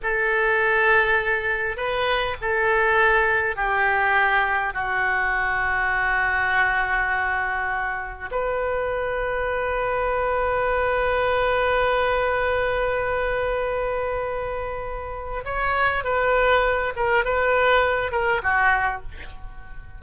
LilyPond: \new Staff \with { instrumentName = "oboe" } { \time 4/4 \tempo 4 = 101 a'2. b'4 | a'2 g'2 | fis'1~ | fis'2 b'2~ |
b'1~ | b'1~ | b'2 cis''4 b'4~ | b'8 ais'8 b'4. ais'8 fis'4 | }